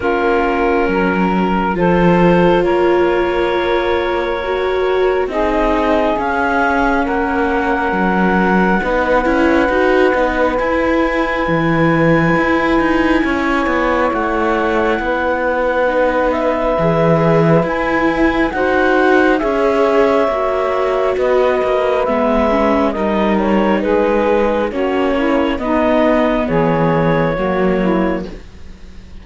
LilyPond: <<
  \new Staff \with { instrumentName = "clarinet" } { \time 4/4 \tempo 4 = 68 ais'2 c''4 cis''4~ | cis''2 dis''4 f''4 | fis''1 | gis''1 |
fis''2~ fis''8 e''4. | gis''4 fis''4 e''2 | dis''4 e''4 dis''8 cis''8 b'4 | cis''4 dis''4 cis''2 | }
  \new Staff \with { instrumentName = "saxophone" } { \time 4/4 f'4 ais'4 a'4 ais'4~ | ais'2 gis'2 | ais'2 b'2~ | b'2. cis''4~ |
cis''4 b'2.~ | b'4 c''4 cis''2 | b'2 ais'4 gis'4 | fis'8 e'8 dis'4 gis'4 fis'8 e'8 | }
  \new Staff \with { instrumentName = "viola" } { \time 4/4 cis'2 f'2~ | f'4 fis'4 dis'4 cis'4~ | cis'2 dis'8 e'8 fis'8 dis'8 | e'1~ |
e'2 dis'4 gis'4 | e'4 fis'4 gis'4 fis'4~ | fis'4 b8 cis'8 dis'2 | cis'4 b2 ais4 | }
  \new Staff \with { instrumentName = "cello" } { \time 4/4 ais4 fis4 f4 ais4~ | ais2 c'4 cis'4 | ais4 fis4 b8 cis'8 dis'8 b8 | e'4 e4 e'8 dis'8 cis'8 b8 |
a4 b2 e4 | e'4 dis'4 cis'4 ais4 | b8 ais8 gis4 g4 gis4 | ais4 b4 e4 fis4 | }
>>